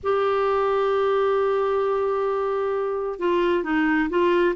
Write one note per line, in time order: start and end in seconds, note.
0.03 3.19 G4
3.19 3.63 F4
3.63 4.09 D#4
4.09 4.55 F4